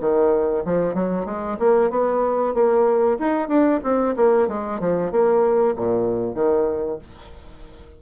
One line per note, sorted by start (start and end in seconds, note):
0.00 0.64 D#3
0.65 0.94 F3
0.94 1.25 F#3
1.25 1.57 G#3
1.59 1.90 A#3
1.90 2.54 B3
2.54 3.18 A#3
3.19 3.48 D#4
3.48 3.80 D4
3.83 4.15 C4
4.16 4.48 A#3
4.48 4.80 G#3
4.80 5.11 F3
5.11 5.75 A#3
5.76 6.35 A#2
6.35 6.99 D#3